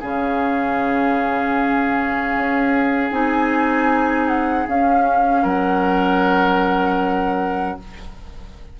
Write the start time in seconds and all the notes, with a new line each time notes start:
0.00 C#3 C#4 G#4 F5
2.36 C#4
3.11 C4 D#4 G#5
4.28 F#5
4.67 C#4 F5
5.43 F#3 A#4 F#5